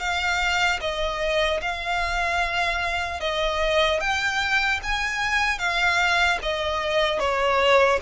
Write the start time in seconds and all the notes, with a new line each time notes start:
0.00 F5
0.81 D#5
1.62 F5
3.20 D#5
4.00 G5
4.83 G#5
5.59 F5
6.43 D#5
7.20 C#5